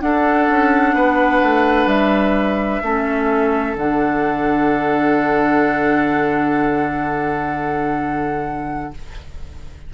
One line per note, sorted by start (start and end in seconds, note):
0.00 2.81 D4
0.00 0.48 D4
0.00 0.95 A4
0.00 1.88 F#5
0.49 0.93 C#4
0.93 1.40 B3
0.93 2.82 B4
1.43 1.86 A3
1.86 2.79 G3
1.86 3.75 E5
2.82 3.74 A3
2.82 3.76 C#4
2.82 8.93 A4
3.74 8.90 D3
3.74 8.93 D4
3.74 8.93 F#5